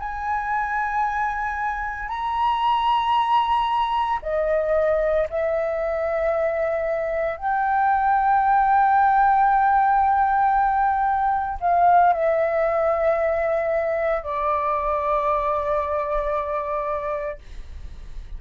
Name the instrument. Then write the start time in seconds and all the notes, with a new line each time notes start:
flute
0.00 G#5
2.09 A#5
4.22 D#5
5.30 E5
7.38 G5
11.61 F5
12.13 E5
14.23 D5